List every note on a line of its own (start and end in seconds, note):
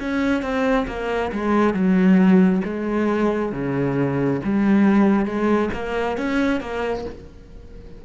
0.00 0.42 C#4
0.42 0.86 C4
0.87 1.32 A#3
1.32 1.74 G#3
1.74 2.62 F#3
2.64 3.53 G#3
3.53 4.41 C#3
4.44 5.25 G3
5.25 5.70 G#3
5.74 6.18 A#3
6.18 6.61 C#4
6.61 7.05 A#3